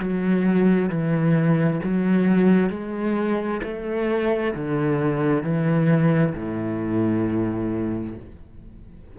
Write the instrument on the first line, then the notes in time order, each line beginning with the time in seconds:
cello
0.00 F#3
0.90 E3
1.84 F#3
2.70 G#3
3.64 A3
4.55 D3
5.43 E3
6.35 A2